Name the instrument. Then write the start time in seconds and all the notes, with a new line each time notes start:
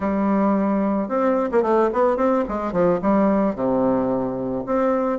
bassoon
0.00 G3
1.08 C4
1.51 A#3
1.62 A3
1.92 B3
2.16 C4
2.48 G#3
2.72 F3
3.01 G3
3.55 C3
4.66 C4